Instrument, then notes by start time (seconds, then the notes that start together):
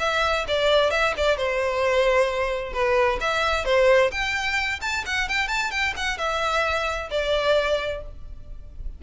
violin
0.00 E5
0.49 D5
0.91 E5
1.18 D5
1.38 C5
2.74 B4
3.21 E5
3.66 C5
4.12 G5
4.82 A5
5.06 F#5
5.29 G5
5.48 A5
5.71 G5
5.97 F#5
6.18 E5
7.11 D5